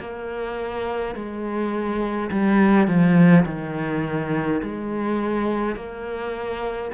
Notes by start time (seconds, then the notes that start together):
0.00 A#3
1.15 G#3
2.31 G3
2.88 F3
3.46 D#3
4.63 G#3
5.76 A#3